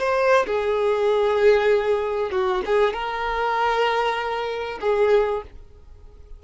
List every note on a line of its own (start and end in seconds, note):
0.00 0.46 C5
0.47 2.31 G#4
2.31 2.62 F#4
2.66 2.94 G#4
2.94 4.79 A#4
4.81 5.43 G#4